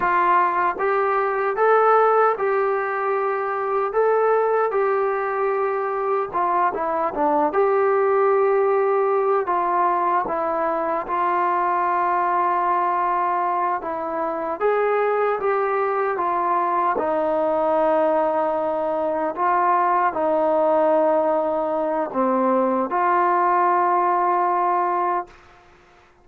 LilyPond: \new Staff \with { instrumentName = "trombone" } { \time 4/4 \tempo 4 = 76 f'4 g'4 a'4 g'4~ | g'4 a'4 g'2 | f'8 e'8 d'8 g'2~ g'8 | f'4 e'4 f'2~ |
f'4. e'4 gis'4 g'8~ | g'8 f'4 dis'2~ dis'8~ | dis'8 f'4 dis'2~ dis'8 | c'4 f'2. | }